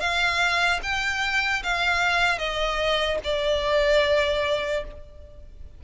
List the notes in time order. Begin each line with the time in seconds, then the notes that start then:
0.00 F5
0.83 G5
1.63 F5
2.38 D#5
3.24 D5